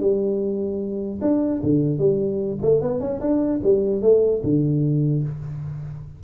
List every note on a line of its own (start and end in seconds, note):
0.00 1.20 G3
1.22 1.62 D4
1.63 1.99 D3
1.99 2.59 G3
2.62 2.82 A3
2.82 3.00 B3
3.00 3.20 C#4
3.21 3.61 D4
3.64 4.02 G3
4.02 4.42 A3
4.43 5.23 D3